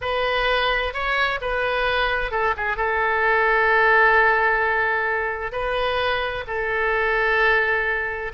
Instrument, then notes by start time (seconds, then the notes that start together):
oboe
0.01 B4
0.93 C#5
1.41 B4
2.31 A4
2.56 G#4
2.77 A4
5.52 B4
6.47 A4